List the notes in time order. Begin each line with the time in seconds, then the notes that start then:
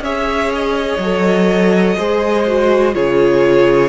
0.00 C#4 G#4 C#5 E5
0.54 D#5
0.98 F#3 A4
1.97 G#3 G#4 C5
2.47 F#4
2.93 C#3 F4 G#4 C#5